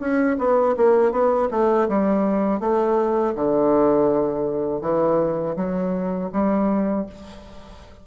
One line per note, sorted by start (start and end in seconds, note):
0.00 0.37 C#4
0.38 0.75 B3
0.77 1.12 A#3
1.12 1.49 B3
1.51 1.88 A3
1.89 2.60 G3
2.60 3.34 A3
3.35 4.81 D3
4.81 5.56 E3
5.57 6.31 F#3
6.33 7.07 G3